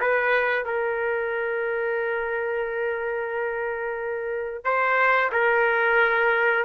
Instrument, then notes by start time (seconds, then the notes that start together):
trumpet
0.00 B4
0.65 A#4
4.64 C5
5.32 A#4